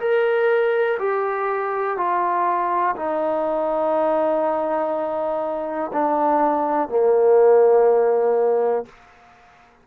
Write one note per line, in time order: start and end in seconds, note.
0.00 0.98 A#4
0.99 1.97 G4
1.97 2.96 F4
2.96 5.92 D#4
5.93 6.89 D4
6.89 8.86 A#3